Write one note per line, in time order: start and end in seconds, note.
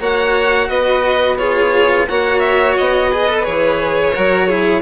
0.00 0.69 A#3
0.00 1.38 F#4
0.00 0.69 C#5
0.00 0.69 F#5
0.69 2.07 B3
0.69 1.39 B4
0.69 1.38 D#5
1.38 2.08 F4
1.38 2.09 G#4
1.38 2.07 C#5
2.09 2.79 A#3
2.09 3.12 F#4
2.09 3.11 C#5
2.09 2.40 F#5
2.40 2.75 E5
2.78 3.47 B3
2.78 3.45 D#5
3.11 3.28 G#4
3.11 4.15 B4
3.28 3.44 A4
3.44 4.16 E3
3.44 4.13 G#4
3.44 4.82 C#5
4.15 4.82 F#3
4.15 4.50 F#4
4.15 4.48 A#4
4.48 4.82 E4
4.48 4.82 G#4